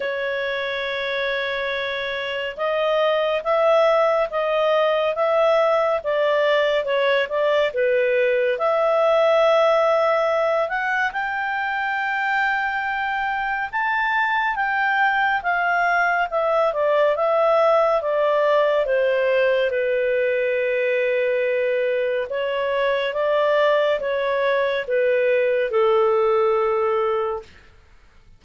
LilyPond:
\new Staff \with { instrumentName = "clarinet" } { \time 4/4 \tempo 4 = 70 cis''2. dis''4 | e''4 dis''4 e''4 d''4 | cis''8 d''8 b'4 e''2~ | e''8 fis''8 g''2. |
a''4 g''4 f''4 e''8 d''8 | e''4 d''4 c''4 b'4~ | b'2 cis''4 d''4 | cis''4 b'4 a'2 | }